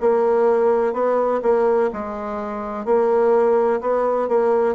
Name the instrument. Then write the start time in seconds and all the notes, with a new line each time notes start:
bassoon
0.00 A#3
0.93 B3
1.42 A#3
1.93 G#3
2.85 A#3
3.81 B3
4.28 A#3